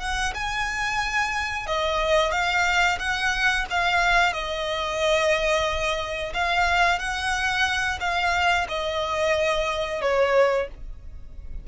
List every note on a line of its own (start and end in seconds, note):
0.00 0.33 F#5
0.34 1.67 G#5
1.67 2.32 D#5
2.32 2.98 F5
2.99 3.65 F#5
3.70 4.33 F5
4.33 6.33 D#5
6.34 6.99 F5
6.99 7.99 F#5
8.00 8.67 F5
8.68 10.01 D#5
10.01 10.68 C#5